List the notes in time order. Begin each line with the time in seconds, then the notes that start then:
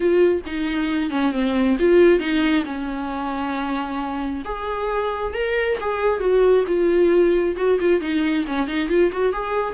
0.00 F4
0.45 D#4
1.10 C#4
1.32 C4
1.79 F4
2.19 D#4
2.65 C#4
4.44 G#4
5.33 A#4
5.80 G#4
6.20 F#4
6.67 F4
7.56 F#4
7.80 F4
8.00 D#4
8.47 C#4
8.67 D#4
8.88 F4
9.12 F#4
9.33 G#4